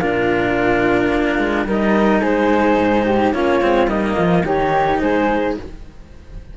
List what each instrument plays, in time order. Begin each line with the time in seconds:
0.00 cello A#2 D4, flute F4, clarinet A#4
1.14 cello A#3
1.39 cello G#3
1.66 cello G3 D#4, flute A#4, clarinet D#5
2.22 cello G#3, flute G#4, clarinet C5
2.79 cello G#2
3.05 flute G4
3.33 cello A#3 C#4, flute F4, clarinet C#5
3.62 cello G#3 C4
3.87 cello G3 A#3, flute D#4, clarinet D#5
4.17 cello F3, flute F4
4.45 cello D#3 D#4, flute G4, clarinet C#5
5.00 cello G#3, flute G#4, clarinet C5